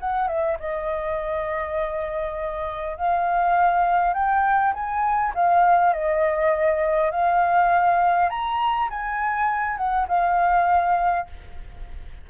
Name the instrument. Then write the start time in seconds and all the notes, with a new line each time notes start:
flute
0.00 F#5
0.28 E5
0.60 D#5
2.97 F5
4.14 G5
4.73 G#5
5.35 F5
5.93 D#5
7.11 F5
8.30 A#5
8.90 G#5
9.77 F#5
10.08 F5